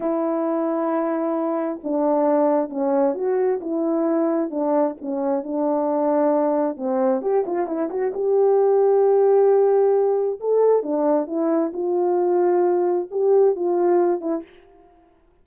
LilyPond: \new Staff \with { instrumentName = "horn" } { \time 4/4 \tempo 4 = 133 e'1 | d'2 cis'4 fis'4 | e'2 d'4 cis'4 | d'2. c'4 |
g'8 f'8 e'8 fis'8 g'2~ | g'2. a'4 | d'4 e'4 f'2~ | f'4 g'4 f'4. e'8 | }